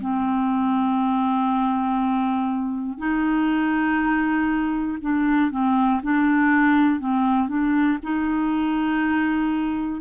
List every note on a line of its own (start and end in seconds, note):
0.00 2.97 C4
2.97 4.97 D#4
5.00 5.50 D4
5.50 6.00 C4
6.02 7.00 D4
7.00 7.48 C4
7.48 7.98 D4
8.03 10.00 D#4